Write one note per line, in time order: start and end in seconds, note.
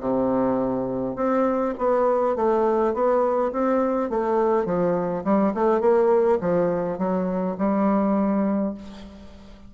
0.00 1.16 C3
1.16 1.74 C4
1.78 2.36 B3
2.36 2.93 A3
2.93 3.52 B3
3.52 4.09 C4
4.09 4.65 A3
4.65 5.23 F3
5.24 5.53 G3
5.54 5.80 A3
5.80 6.39 A#3
6.40 6.98 F3
6.98 7.56 F#3
7.58 8.74 G3